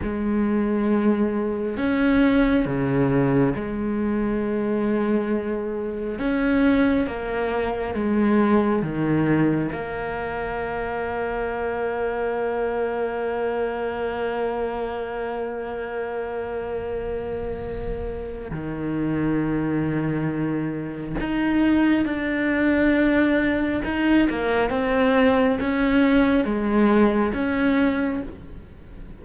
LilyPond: \new Staff \with { instrumentName = "cello" } { \time 4/4 \tempo 4 = 68 gis2 cis'4 cis4 | gis2. cis'4 | ais4 gis4 dis4 ais4~ | ais1~ |
ais1~ | ais4 dis2. | dis'4 d'2 dis'8 ais8 | c'4 cis'4 gis4 cis'4 | }